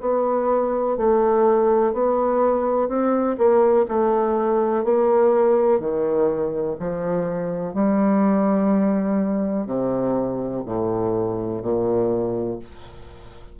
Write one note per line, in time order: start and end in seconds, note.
0.00 0.97 B3
0.97 1.93 A3
1.93 2.88 B3
2.88 3.37 C4
3.37 3.86 A#3
3.88 4.84 A3
4.84 5.80 A#3
5.80 6.77 D#3
6.79 7.74 F3
7.74 9.66 G3
9.66 10.63 C3
10.65 11.62 A2
11.62 12.59 A#2